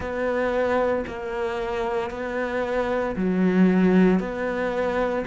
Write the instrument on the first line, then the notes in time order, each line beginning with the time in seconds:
cello
0.00 B3
1.07 A#3
2.10 B3
3.16 F#3
4.19 B3